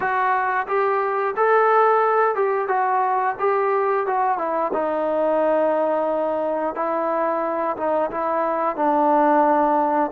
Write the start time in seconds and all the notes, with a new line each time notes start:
0.00 F#4
0.67 G4
1.36 A4
2.35 G4
2.68 F#4
3.39 G4
4.06 F#4
4.38 E4
4.73 D#4
6.75 E4
7.76 D#4
8.11 E4
8.75 D4